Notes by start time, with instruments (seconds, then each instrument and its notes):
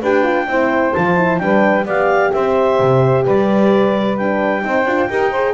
0.00 double bass D4, horn G4, saxophone B4, clarinet G5
0.24 horn F4
0.48 double bass C4, horn E4, saxophone C5
0.95 double bass F3, horn F4, clarinet A5
1.17 horn E4
1.39 double bass G3, horn D4, saxophone B4, clarinet G5
1.85 double bass B3, horn G4, saxophone D5, clarinet F5
2.33 double bass C4, saxophone C5, clarinet E5
2.80 double bass C3
3.25 double bass G3, saxophone B4, clarinet D5
4.18 horn D4, clarinet G5
4.62 double bass C4, horn D#4, saxophone C5
4.86 double bass D4, horn F4
5.10 double bass D#4, horn G4, saxophone A#4
5.31 horn G#4, saxophone C5